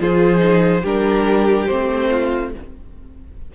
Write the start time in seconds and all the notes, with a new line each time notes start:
0.00 F3 F4 G#4 C5
0.37 D#4
0.83 G3 D4 G4 A#4
1.66 A3 C4 C5
2.10 F4